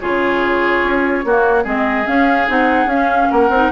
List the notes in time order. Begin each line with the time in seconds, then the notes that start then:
0.00 C#3 F4 G#4 C#5
0.83 C#4
1.24 A#3 F#4
1.64 G#3 C4 G#4 D#5
2.05 C#4 F5
2.48 C4 D#4 F#5
2.86 C#4 F5
3.30 A#3 A#4 F#5
3.50 C4 D#4